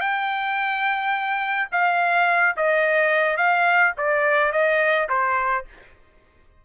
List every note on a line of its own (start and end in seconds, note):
0.00 1.68 G5
1.72 2.56 F5
2.57 3.37 D#5
3.37 3.93 F5
3.97 4.52 D5
4.52 5.08 D#5
5.09 5.65 C5